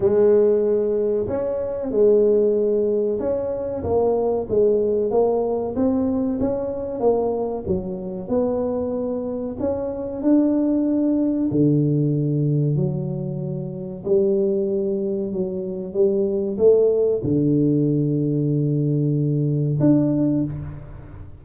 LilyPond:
\new Staff \with { instrumentName = "tuba" } { \time 4/4 \tempo 4 = 94 gis2 cis'4 gis4~ | gis4 cis'4 ais4 gis4 | ais4 c'4 cis'4 ais4 | fis4 b2 cis'4 |
d'2 d2 | fis2 g2 | fis4 g4 a4 d4~ | d2. d'4 | }